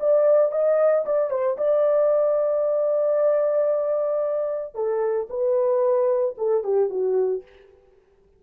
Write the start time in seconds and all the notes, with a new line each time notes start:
0.00 D5
0.52 D#5
1.05 D5
1.30 C5
1.58 D5
4.74 A4
5.30 B4
6.38 A4
6.63 G4
6.90 F#4